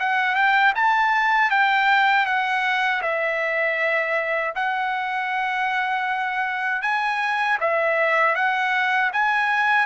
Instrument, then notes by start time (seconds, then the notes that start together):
trumpet
0.00 F#5
0.36 G5
0.76 A5
1.51 G5
2.26 F#5
3.02 E5
4.56 F#5
6.83 G#5
7.61 E5
8.35 F#5
9.13 G#5